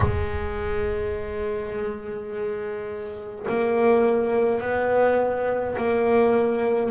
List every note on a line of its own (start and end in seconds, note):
0.00 3.46 G#3
3.48 4.60 A#3
4.60 5.76 B3
5.77 6.91 A#3